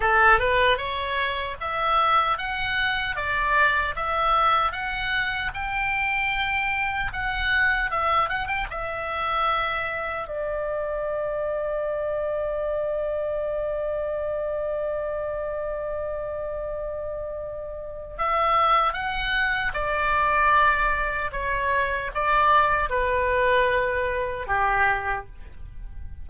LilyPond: \new Staff \with { instrumentName = "oboe" } { \time 4/4 \tempo 4 = 76 a'8 b'8 cis''4 e''4 fis''4 | d''4 e''4 fis''4 g''4~ | g''4 fis''4 e''8 fis''16 g''16 e''4~ | e''4 d''2.~ |
d''1~ | d''2. e''4 | fis''4 d''2 cis''4 | d''4 b'2 g'4 | }